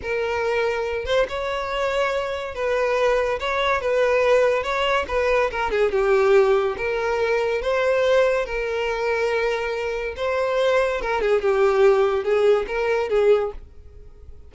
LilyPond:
\new Staff \with { instrumentName = "violin" } { \time 4/4 \tempo 4 = 142 ais'2~ ais'8 c''8 cis''4~ | cis''2 b'2 | cis''4 b'2 cis''4 | b'4 ais'8 gis'8 g'2 |
ais'2 c''2 | ais'1 | c''2 ais'8 gis'8 g'4~ | g'4 gis'4 ais'4 gis'4 | }